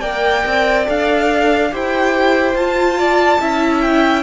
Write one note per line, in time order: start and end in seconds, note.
0.00 0.44 A#3
0.00 0.86 A#4
0.00 1.69 D5
0.00 0.85 G5
0.45 0.87 C4
0.86 1.73 D4
0.86 1.70 A4
0.86 1.74 F5
1.71 2.54 E4
1.71 2.55 G4
1.71 2.98 C5
1.71 2.56 G5
2.54 3.39 F4
2.54 3.40 F4
2.54 3.81 A5
2.98 3.40 D5
3.40 4.23 C#4
3.40 4.23 E4
3.40 4.23 E5
3.81 4.23 G5